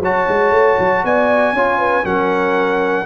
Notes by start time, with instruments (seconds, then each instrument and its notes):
0.00 tuba F#3, trombone F#4, horn C#5, trumpet A5
0.29 tuba G#3
0.52 tuba A3
0.80 tuba F#3
1.04 tuba B3, horn D5, trumpet G#5
1.53 tuba C#4, trombone F4, horn C#5
1.79 horn B4
2.04 tuba F#3, trombone C#4, horn A#4, trumpet F#5